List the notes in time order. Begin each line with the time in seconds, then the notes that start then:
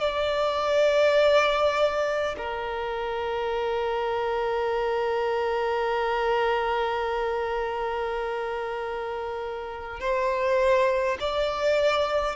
0.00 D5
2.38 A#4
10.00 C5
11.20 D5